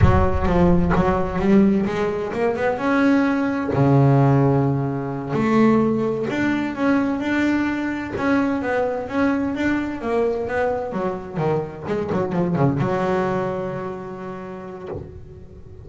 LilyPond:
\new Staff \with { instrumentName = "double bass" } { \time 4/4 \tempo 4 = 129 fis4 f4 fis4 g4 | gis4 ais8 b8 cis'2 | cis2.~ cis8 a8~ | a4. d'4 cis'4 d'8~ |
d'4. cis'4 b4 cis'8~ | cis'8 d'4 ais4 b4 fis8~ | fis8 dis4 gis8 fis8 f8 cis8 fis8~ | fis1 | }